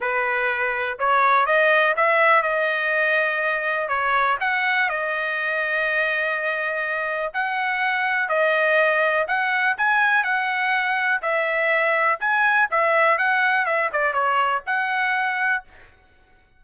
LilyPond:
\new Staff \with { instrumentName = "trumpet" } { \time 4/4 \tempo 4 = 123 b'2 cis''4 dis''4 | e''4 dis''2. | cis''4 fis''4 dis''2~ | dis''2. fis''4~ |
fis''4 dis''2 fis''4 | gis''4 fis''2 e''4~ | e''4 gis''4 e''4 fis''4 | e''8 d''8 cis''4 fis''2 | }